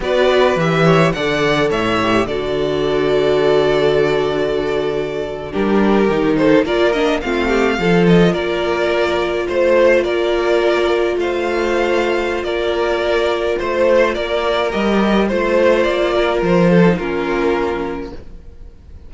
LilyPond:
<<
  \new Staff \with { instrumentName = "violin" } { \time 4/4 \tempo 4 = 106 d''4 e''4 fis''4 e''4 | d''1~ | d''4.~ d''16 ais'4. c''8 d''16~ | d''16 dis''8 f''4. dis''8 d''4~ d''16~ |
d''8. c''4 d''2 f''16~ | f''2 d''2 | c''4 d''4 dis''4 c''4 | d''4 c''4 ais'2 | }
  \new Staff \with { instrumentName = "violin" } { \time 4/4 b'4. cis''8 d''4 cis''4 | a'1~ | a'4.~ a'16 g'4. a'8 ais'16~ | ais'8. f'8 g'8 a'4 ais'4~ ais'16~ |
ais'8. c''4 ais'2 c''16~ | c''2 ais'2 | c''4 ais'2 c''4~ | c''8 ais'4 a'8 f'2 | }
  \new Staff \with { instrumentName = "viola" } { \time 4/4 fis'4 g'4 a'4. g'8 | fis'1~ | fis'4.~ fis'16 d'4 dis'4 f'16~ | f'16 d'8 c'4 f'2~ f'16~ |
f'1~ | f'1~ | f'2 g'4 f'4~ | f'4.~ f'16 dis'16 cis'2 | }
  \new Staff \with { instrumentName = "cello" } { \time 4/4 b4 e4 d4 a,4 | d1~ | d4.~ d16 g4 dis4 ais16~ | ais8. a4 f4 ais4~ ais16~ |
ais8. a4 ais2 a16~ | a2 ais2 | a4 ais4 g4 a4 | ais4 f4 ais2 | }
>>